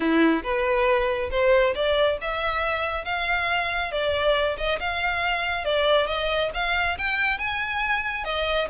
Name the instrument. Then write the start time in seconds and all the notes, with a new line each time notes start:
violin
0.00 E4
0.43 B4
1.30 C5
1.74 D5
2.21 E5
3.04 F5
3.91 D5
4.57 D#5
4.79 F5
5.65 D5
6.07 D#5
6.54 F5
6.98 G5
7.38 G#5
8.24 D#5